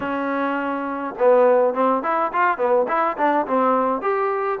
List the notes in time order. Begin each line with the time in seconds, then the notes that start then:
0.00 C#4
1.19 B3
1.73 C4
2.02 E4
2.33 F4
2.57 B3
2.88 E4
3.17 D4
3.46 C4
4.01 G4